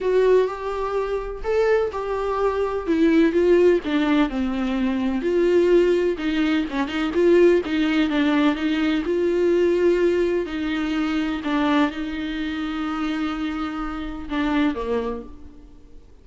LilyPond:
\new Staff \with { instrumentName = "viola" } { \time 4/4 \tempo 4 = 126 fis'4 g'2 a'4 | g'2 e'4 f'4 | d'4 c'2 f'4~ | f'4 dis'4 cis'8 dis'8 f'4 |
dis'4 d'4 dis'4 f'4~ | f'2 dis'2 | d'4 dis'2.~ | dis'2 d'4 ais4 | }